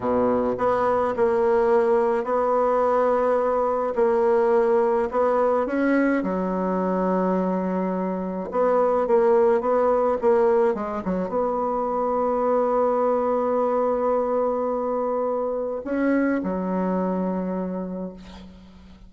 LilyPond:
\new Staff \with { instrumentName = "bassoon" } { \time 4/4 \tempo 4 = 106 b,4 b4 ais2 | b2. ais4~ | ais4 b4 cis'4 fis4~ | fis2. b4 |
ais4 b4 ais4 gis8 fis8 | b1~ | b1 | cis'4 fis2. | }